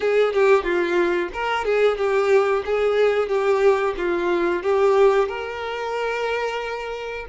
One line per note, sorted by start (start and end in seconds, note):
0.00 0.33 G#4
0.33 0.63 G4
0.63 1.29 F4
1.33 1.65 A#4
1.65 1.97 G#4
1.97 2.63 G4
2.65 3.28 G#4
3.28 3.94 G4
3.97 4.62 F4
4.62 5.28 G4
5.28 7.26 A#4